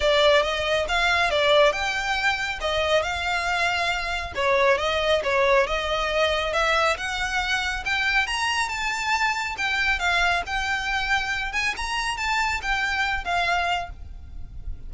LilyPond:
\new Staff \with { instrumentName = "violin" } { \time 4/4 \tempo 4 = 138 d''4 dis''4 f''4 d''4 | g''2 dis''4 f''4~ | f''2 cis''4 dis''4 | cis''4 dis''2 e''4 |
fis''2 g''4 ais''4 | a''2 g''4 f''4 | g''2~ g''8 gis''8 ais''4 | a''4 g''4. f''4. | }